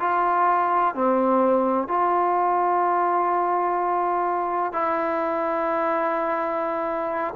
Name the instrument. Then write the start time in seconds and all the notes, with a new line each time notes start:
trombone
0.00 F4
0.95 C4
1.88 F4
4.73 E4